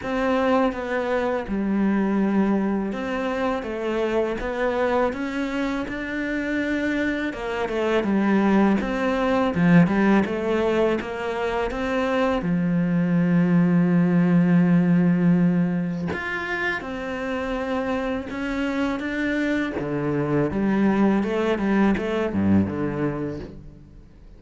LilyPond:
\new Staff \with { instrumentName = "cello" } { \time 4/4 \tempo 4 = 82 c'4 b4 g2 | c'4 a4 b4 cis'4 | d'2 ais8 a8 g4 | c'4 f8 g8 a4 ais4 |
c'4 f2.~ | f2 f'4 c'4~ | c'4 cis'4 d'4 d4 | g4 a8 g8 a8 g,8 d4 | }